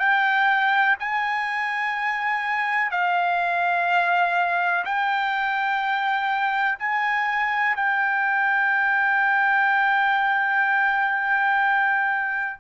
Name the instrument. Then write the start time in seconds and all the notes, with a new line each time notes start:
trumpet
0.00 G5
1.00 G#5
2.91 F5
4.85 G5
6.80 G#5
7.76 G5